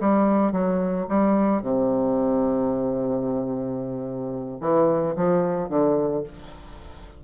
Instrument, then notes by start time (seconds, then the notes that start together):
bassoon
0.00 G3
0.52 F#3
1.09 G3
1.62 C3
4.61 E3
5.16 F3
5.69 D3